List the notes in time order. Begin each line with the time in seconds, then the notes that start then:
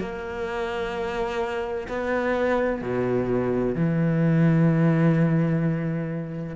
0.00 A#3
1.88 B3
2.82 B2
3.75 E3